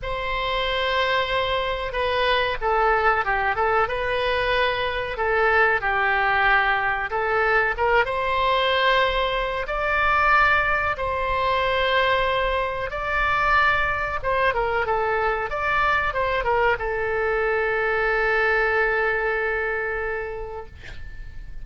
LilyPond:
\new Staff \with { instrumentName = "oboe" } { \time 4/4 \tempo 4 = 93 c''2. b'4 | a'4 g'8 a'8 b'2 | a'4 g'2 a'4 | ais'8 c''2~ c''8 d''4~ |
d''4 c''2. | d''2 c''8 ais'8 a'4 | d''4 c''8 ais'8 a'2~ | a'1 | }